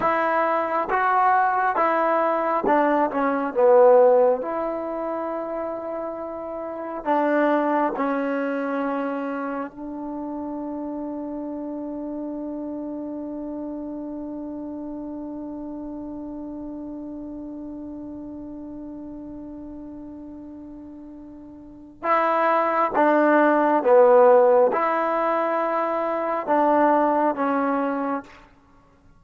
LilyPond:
\new Staff \with { instrumentName = "trombone" } { \time 4/4 \tempo 4 = 68 e'4 fis'4 e'4 d'8 cis'8 | b4 e'2. | d'4 cis'2 d'4~ | d'1~ |
d'1~ | d'1~ | d'4 e'4 d'4 b4 | e'2 d'4 cis'4 | }